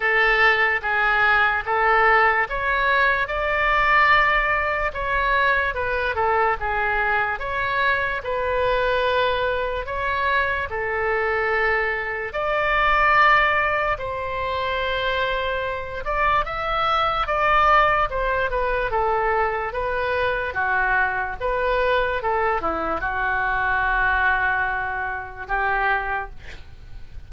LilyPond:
\new Staff \with { instrumentName = "oboe" } { \time 4/4 \tempo 4 = 73 a'4 gis'4 a'4 cis''4 | d''2 cis''4 b'8 a'8 | gis'4 cis''4 b'2 | cis''4 a'2 d''4~ |
d''4 c''2~ c''8 d''8 | e''4 d''4 c''8 b'8 a'4 | b'4 fis'4 b'4 a'8 e'8 | fis'2. g'4 | }